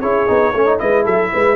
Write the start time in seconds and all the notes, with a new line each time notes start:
0.00 C#4 E4 G#4 C#5
0.27 B3 D#4
0.53 A3 C#4 C#5
0.65 D#4
0.78 G#3 E4 B4 D#5
1.04 F#3 A4 E5
1.33 G#3 B4